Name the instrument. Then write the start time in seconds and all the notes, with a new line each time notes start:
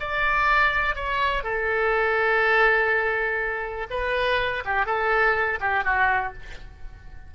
oboe
0.00 D5
0.96 C#5
1.43 A4
3.90 B4
4.65 G4
4.86 A4
5.60 G4
5.84 F#4